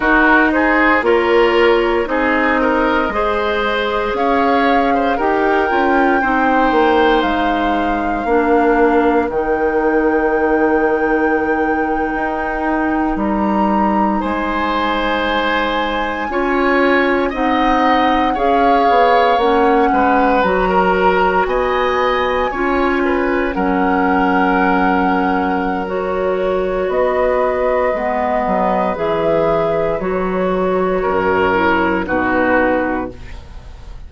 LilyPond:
<<
  \new Staff \with { instrumentName = "flute" } { \time 4/4 \tempo 4 = 58 ais'8 c''8 cis''4 dis''2 | f''4 g''2 f''4~ | f''4 g''2.~ | g''8. ais''4 gis''2~ gis''16~ |
gis''8. fis''4 f''4 fis''4 ais''16~ | ais''8. gis''2 fis''4~ fis''16~ | fis''4 cis''4 dis''2 | e''4 cis''2 b'4 | }
  \new Staff \with { instrumentName = "oboe" } { \time 4/4 fis'8 gis'8 ais'4 gis'8 ais'8 c''4 | cis''8. c''16 ais'4 c''2 | ais'1~ | ais'4.~ ais'16 c''2 cis''16~ |
cis''8. dis''4 cis''4. b'8. | ais'8. dis''4 cis''8 b'8 ais'4~ ais'16~ | ais'2 b'2~ | b'2 ais'4 fis'4 | }
  \new Staff \with { instrumentName = "clarinet" } { \time 4/4 dis'4 f'4 dis'4 gis'4~ | gis'4 g'8 f'8 dis'2 | d'4 dis'2.~ | dis'2.~ dis'8. f'16~ |
f'8. dis'4 gis'4 cis'4 fis'16~ | fis'4.~ fis'16 f'4 cis'4~ cis'16~ | cis'4 fis'2 b4 | gis'4 fis'4. e'8 dis'4 | }
  \new Staff \with { instrumentName = "bassoon" } { \time 4/4 dis'4 ais4 c'4 gis4 | cis'4 dis'8 cis'8 c'8 ais8 gis4 | ais4 dis2~ dis8. dis'16~ | dis'8. g4 gis2 cis'16~ |
cis'8. c'4 cis'8 b8 ais8 gis8 fis16~ | fis8. b4 cis'4 fis4~ fis16~ | fis2 b4 gis8 fis8 | e4 fis4 fis,4 b,4 | }
>>